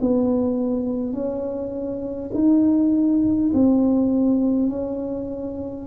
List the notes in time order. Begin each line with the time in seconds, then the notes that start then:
0.00 B3
1.13 C#4
2.34 D#4
3.53 C4
4.69 C#4